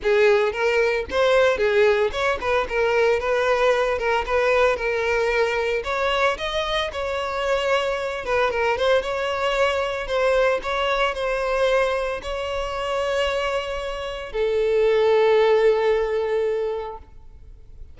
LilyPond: \new Staff \with { instrumentName = "violin" } { \time 4/4 \tempo 4 = 113 gis'4 ais'4 c''4 gis'4 | cis''8 b'8 ais'4 b'4. ais'8 | b'4 ais'2 cis''4 | dis''4 cis''2~ cis''8 b'8 |
ais'8 c''8 cis''2 c''4 | cis''4 c''2 cis''4~ | cis''2. a'4~ | a'1 | }